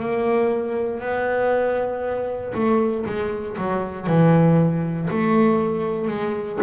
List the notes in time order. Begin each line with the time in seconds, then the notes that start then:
0.00 A#3
1.01 B3
2.55 A3
3.06 G#3
3.58 F#3
4.07 E3
5.11 A3
6.08 G#3